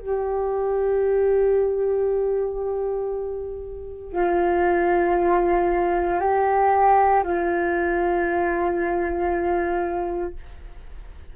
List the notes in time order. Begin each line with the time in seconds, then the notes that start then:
0.00 G4
4.13 F4
6.20 G4
7.24 F4